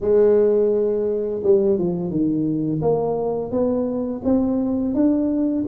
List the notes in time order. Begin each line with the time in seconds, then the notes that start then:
0.00 G#3
1.43 G3
1.78 F3
2.10 D#3
2.81 A#3
3.51 B3
4.24 C4
4.94 D4